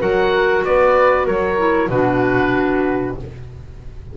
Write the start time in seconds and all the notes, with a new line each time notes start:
0.00 F#3 F#4 A#4 F#5
0.65 B3 B4 D5
1.26 F#3 A#4 C#5
1.58 E4
1.89 B2 D4 F#4 B4